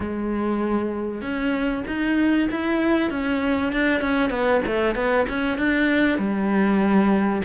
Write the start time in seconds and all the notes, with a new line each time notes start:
0.00 G#3
1.21 C#4
1.87 D#4
2.50 E4
3.10 C#4
3.72 D4
4.00 C#4
4.30 B3
4.66 A3
4.95 B3
5.28 C#4
5.58 D4
6.18 G3